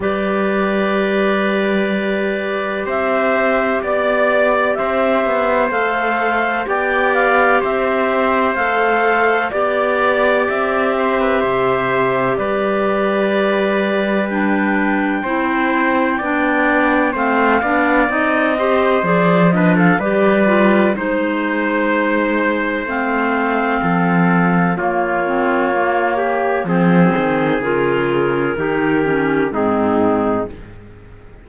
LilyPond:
<<
  \new Staff \with { instrumentName = "clarinet" } { \time 4/4 \tempo 4 = 63 d''2. e''4 | d''4 e''4 f''4 g''8 f''8 | e''4 f''4 d''4 e''4~ | e''4 d''2 g''4~ |
g''2 f''4 dis''4 | d''8 dis''16 f''16 d''4 c''2 | f''2 cis''2 | c''4 ais'2 gis'4 | }
  \new Staff \with { instrumentName = "trumpet" } { \time 4/4 b'2. c''4 | d''4 c''2 d''4 | c''2 d''4. c''16 b'16 | c''4 b'2. |
c''4 d''4 c''8 d''4 c''8~ | c''8 b'16 a'16 b'4 c''2~ | c''4 a'4 f'4. g'8 | gis'2 g'4 dis'4 | }
  \new Staff \with { instrumentName = "clarinet" } { \time 4/4 g'1~ | g'2 a'4 g'4~ | g'4 a'4 g'2~ | g'2. d'4 |
e'4 d'4 c'8 d'8 dis'8 g'8 | gis'8 d'8 g'8 f'8 dis'2 | c'2 ais8 c'8 ais4 | c'4 f'4 dis'8 cis'8 c'4 | }
  \new Staff \with { instrumentName = "cello" } { \time 4/4 g2. c'4 | b4 c'8 b8 a4 b4 | c'4 a4 b4 c'4 | c4 g2. |
c'4 b4 a8 b8 c'4 | f4 g4 gis2 | a4 f4 ais2 | f8 dis8 cis4 dis4 gis,4 | }
>>